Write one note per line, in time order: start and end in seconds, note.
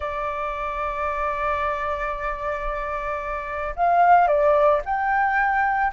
0.00 3.75 D5
3.76 4.27 F5
4.27 4.81 D5
4.85 5.92 G5